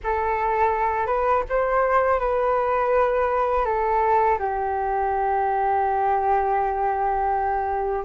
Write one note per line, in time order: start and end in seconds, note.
0.03 1.06 A4
1.06 1.43 B4
1.49 2.19 C5
2.19 3.65 B4
3.65 4.38 A4
4.38 8.04 G4